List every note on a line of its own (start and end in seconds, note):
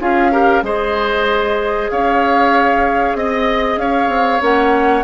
0.00 0.62 C#4
0.00 0.31 F4
0.00 0.32 G#4
0.00 0.64 F5
0.31 0.62 G4
0.31 0.63 A#4
0.62 1.89 G#3
0.62 4.41 G#4
0.62 1.91 C5
0.62 1.90 D#5
1.90 3.14 C#4
1.90 3.17 C#5
1.90 3.16 F5
3.14 3.77 C4
3.14 3.78 D#5
3.14 3.80 D#5
3.77 4.08 C#4
3.77 5.04 C#5
3.77 4.42 F5
4.08 4.40 C4
4.41 5.04 A#3
4.41 5.04 C#4
4.41 5.04 F#5